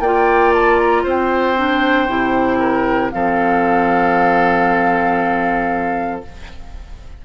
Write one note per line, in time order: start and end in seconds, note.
0.00 1.03 A#3
0.00 1.56 F4
0.00 1.03 D5
0.00 0.53 G5
0.54 0.78 A5
0.78 1.04 A#5
1.03 2.08 C4
1.03 2.58 C5
1.09 3.11 G5
1.56 2.08 D4
2.08 3.11 C3
2.08 3.12 E4
2.59 3.11 A#4
3.11 6.24 F3
3.11 6.22 C4
3.11 6.25 A4
3.11 6.21 F5